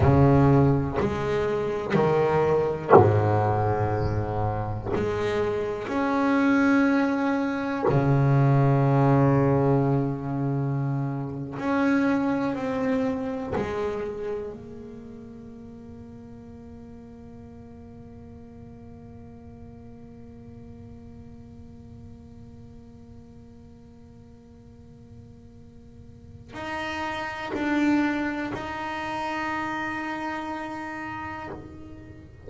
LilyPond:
\new Staff \with { instrumentName = "double bass" } { \time 4/4 \tempo 4 = 61 cis4 gis4 dis4 gis,4~ | gis,4 gis4 cis'2 | cis2.~ cis8. cis'16~ | cis'8. c'4 gis4 ais4~ ais16~ |
ais1~ | ais1~ | ais2. dis'4 | d'4 dis'2. | }